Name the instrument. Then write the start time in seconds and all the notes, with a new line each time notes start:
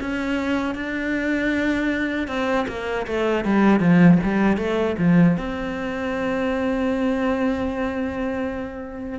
cello
0.00 C#4
0.74 D4
2.27 C4
2.68 A#3
3.06 A3
3.44 G3
3.80 F3
4.23 G3
4.57 A3
4.98 F3
5.37 C4